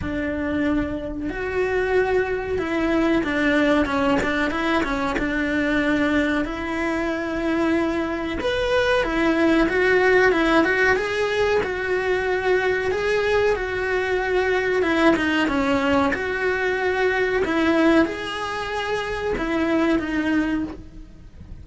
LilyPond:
\new Staff \with { instrumentName = "cello" } { \time 4/4 \tempo 4 = 93 d'2 fis'2 | e'4 d'4 cis'8 d'8 e'8 cis'8 | d'2 e'2~ | e'4 b'4 e'4 fis'4 |
e'8 fis'8 gis'4 fis'2 | gis'4 fis'2 e'8 dis'8 | cis'4 fis'2 e'4 | gis'2 e'4 dis'4 | }